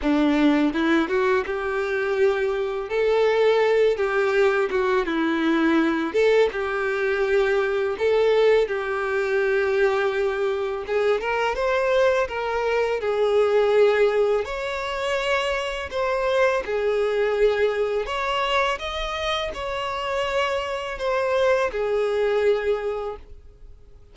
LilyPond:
\new Staff \with { instrumentName = "violin" } { \time 4/4 \tempo 4 = 83 d'4 e'8 fis'8 g'2 | a'4. g'4 fis'8 e'4~ | e'8 a'8 g'2 a'4 | g'2. gis'8 ais'8 |
c''4 ais'4 gis'2 | cis''2 c''4 gis'4~ | gis'4 cis''4 dis''4 cis''4~ | cis''4 c''4 gis'2 | }